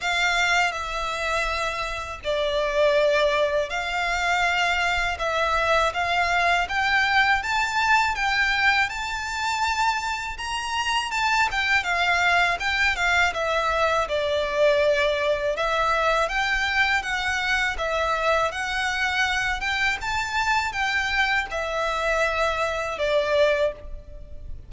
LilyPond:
\new Staff \with { instrumentName = "violin" } { \time 4/4 \tempo 4 = 81 f''4 e''2 d''4~ | d''4 f''2 e''4 | f''4 g''4 a''4 g''4 | a''2 ais''4 a''8 g''8 |
f''4 g''8 f''8 e''4 d''4~ | d''4 e''4 g''4 fis''4 | e''4 fis''4. g''8 a''4 | g''4 e''2 d''4 | }